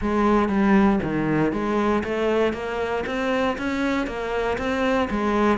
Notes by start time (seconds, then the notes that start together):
0.01 G#3
0.48 G3
1.02 D#3
1.52 G#3
2.04 A3
2.53 A#3
3.06 C4
3.58 C#4
4.06 A#3
4.57 C4
5.10 G#3